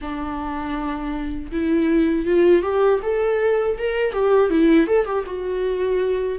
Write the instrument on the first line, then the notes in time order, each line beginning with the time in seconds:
viola
0.01 D4
1.51 E4
2.26 F4
2.62 G4
3.02 A4
3.78 A#4
4.12 G4
4.50 E4
4.87 A4
5.05 G4
5.26 F#4